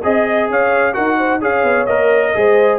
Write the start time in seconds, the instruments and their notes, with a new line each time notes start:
0.00 tuba C4, trombone G#4, horn D#5, trumpet D#5
0.49 tuba C#4, horn C#5, trumpet F5
0.93 tuba D#4, trombone F#4, horn A#4, trumpet F#5
1.17 horn C5
1.41 tuba C#4, trombone G#4, horn C#5, trumpet F5
1.63 tuba B3
1.86 tuba A#3, trombone A#4, trumpet D#5
2.35 tuba G#3, trombone G#4, horn C5